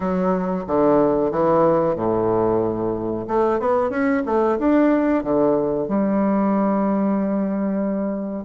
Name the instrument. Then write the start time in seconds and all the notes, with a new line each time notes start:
bassoon
0.00 F#3
0.67 D3
1.31 E3
1.95 A2
3.27 A3
3.59 B3
3.90 C#4
4.25 A3
4.58 D4
5.23 D3
5.88 G3